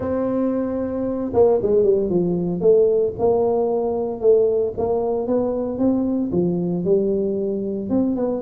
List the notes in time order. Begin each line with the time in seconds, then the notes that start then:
0.00 C4
1.33 A#3
1.62 G#3
1.83 G3
2.09 F3
2.60 A3
3.18 A#3
4.20 A3
4.77 A#3
5.27 B3
5.78 C4
6.32 F3
6.84 G3
7.89 C4
8.16 B3